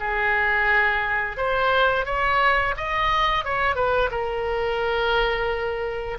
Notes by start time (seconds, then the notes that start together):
0.00 G#4
1.37 C5
2.06 C#5
2.77 D#5
3.45 C#5
3.76 B4
4.11 A#4